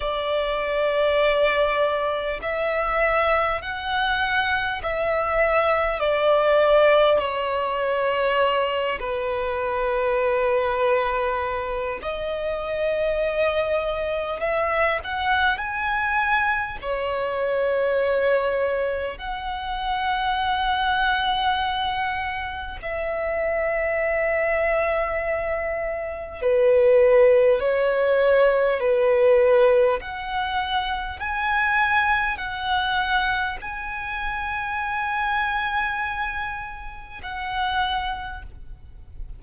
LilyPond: \new Staff \with { instrumentName = "violin" } { \time 4/4 \tempo 4 = 50 d''2 e''4 fis''4 | e''4 d''4 cis''4. b'8~ | b'2 dis''2 | e''8 fis''8 gis''4 cis''2 |
fis''2. e''4~ | e''2 b'4 cis''4 | b'4 fis''4 gis''4 fis''4 | gis''2. fis''4 | }